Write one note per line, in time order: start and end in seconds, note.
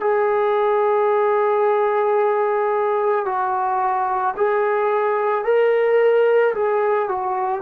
0.00 3.25 G#4
3.25 4.34 F#4
4.36 5.44 G#4
5.44 6.54 A#4
6.54 7.09 G#4
7.09 7.61 F#4